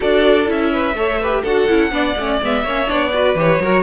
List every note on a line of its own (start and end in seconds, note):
0.00 0.49 D4
0.00 0.46 F#4
0.00 0.71 A4
0.00 0.49 D5
0.46 0.94 C#4
0.46 0.94 E4
0.46 1.43 E5
0.72 0.96 B4
0.94 1.42 A3
0.94 1.20 A4
0.94 1.21 C#5
1.21 1.46 G4
1.21 1.42 B4
1.42 1.69 D4
1.42 1.68 F#4
1.42 1.90 A4
1.42 2.39 F#5
1.68 1.91 C#4
1.68 1.91 E4
1.91 2.15 B3
1.91 2.15 D4
1.91 2.63 D5
2.16 2.40 A3
2.16 2.42 C#4
2.41 2.63 G#3
2.41 2.66 B3
2.41 2.89 E5
2.63 2.87 A#3
2.63 2.86 C#4
2.63 3.11 C#5
2.86 3.35 B3
2.86 3.10 D4
2.86 3.37 D5
3.13 3.36 F#4
3.13 3.62 B4
3.35 3.59 E3
3.35 3.60 G4
3.35 3.82 C#5
3.59 3.82 F#3
3.59 3.82 F#4
3.59 3.82 A#4